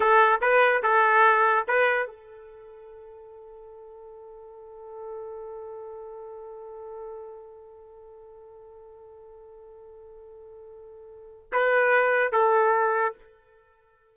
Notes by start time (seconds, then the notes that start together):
0.00 A4
0.41 B4
0.82 A4
1.67 B4
2.07 A4
11.52 B4
12.32 A4